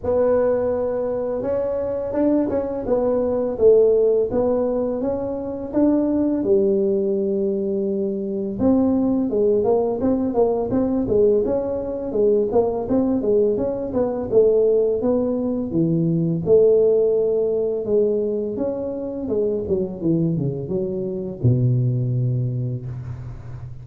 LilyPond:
\new Staff \with { instrumentName = "tuba" } { \time 4/4 \tempo 4 = 84 b2 cis'4 d'8 cis'8 | b4 a4 b4 cis'4 | d'4 g2. | c'4 gis8 ais8 c'8 ais8 c'8 gis8 |
cis'4 gis8 ais8 c'8 gis8 cis'8 b8 | a4 b4 e4 a4~ | a4 gis4 cis'4 gis8 fis8 | e8 cis8 fis4 b,2 | }